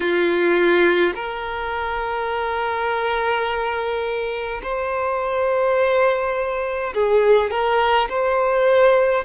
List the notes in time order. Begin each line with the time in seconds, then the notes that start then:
0.00 F4
1.15 A#4
4.62 C5
6.93 G#4
7.50 A#4
8.09 C5